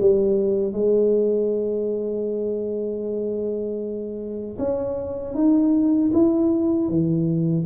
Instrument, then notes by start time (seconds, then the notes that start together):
tuba
0.00 G3
0.73 G#3
4.58 C#4
5.34 D#4
6.13 E4
6.89 E3